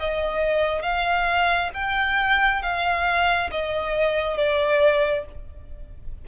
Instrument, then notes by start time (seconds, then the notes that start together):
violin
0.00 D#5
0.83 F5
1.74 G5
2.63 F5
3.51 D#5
4.37 D5